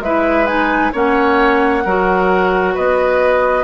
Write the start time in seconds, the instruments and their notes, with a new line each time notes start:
0.00 bassoon G#3, clarinet E4, oboe B4, flute E5
0.46 clarinet D#4, flute G#5
0.93 bassoon A#3, clarinet C#4, oboe C#5, flute F#5
1.85 bassoon F#3, clarinet F#4, oboe A#4
2.74 bassoon B3, oboe B4, flute D#5